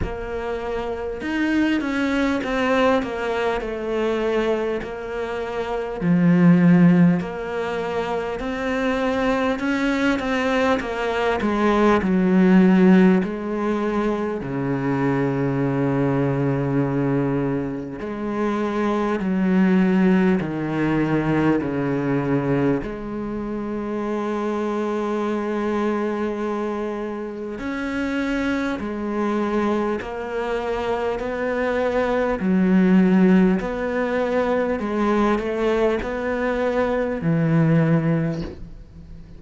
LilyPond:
\new Staff \with { instrumentName = "cello" } { \time 4/4 \tempo 4 = 50 ais4 dis'8 cis'8 c'8 ais8 a4 | ais4 f4 ais4 c'4 | cis'8 c'8 ais8 gis8 fis4 gis4 | cis2. gis4 |
fis4 dis4 cis4 gis4~ | gis2. cis'4 | gis4 ais4 b4 fis4 | b4 gis8 a8 b4 e4 | }